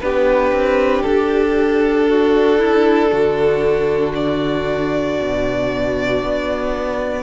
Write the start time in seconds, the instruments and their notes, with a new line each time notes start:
0.00 cello B3, viola D4, violin G4 B4
0.51 cello C4
1.02 cello D4, violin A4
2.08 violin F#4
2.58 violin E4
3.11 cello D3, violin F#4
4.14 violin D5
5.20 cello B2
6.23 cello B3